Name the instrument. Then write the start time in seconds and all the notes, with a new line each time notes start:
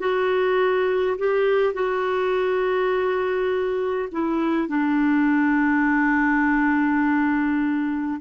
clarinet
0.00 F#4
1.19 G4
1.74 F#4
4.12 E4
4.68 D4